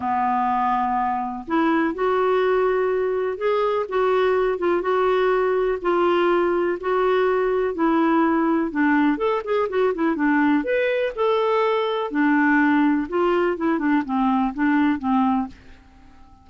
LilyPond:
\new Staff \with { instrumentName = "clarinet" } { \time 4/4 \tempo 4 = 124 b2. e'4 | fis'2. gis'4 | fis'4. f'8 fis'2 | f'2 fis'2 |
e'2 d'4 a'8 gis'8 | fis'8 e'8 d'4 b'4 a'4~ | a'4 d'2 f'4 | e'8 d'8 c'4 d'4 c'4 | }